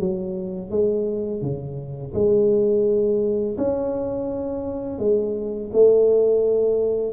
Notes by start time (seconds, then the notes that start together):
0.00 F#3
0.71 G#3
1.42 C#3
2.15 G#3
3.58 C#4
4.99 G#3
5.73 A3